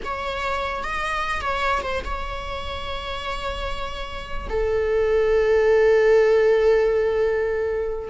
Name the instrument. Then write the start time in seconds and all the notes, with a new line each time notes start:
viola
0.04 C#5
0.83 D#5
1.41 C#5
1.82 C5
2.04 C#5
4.49 A4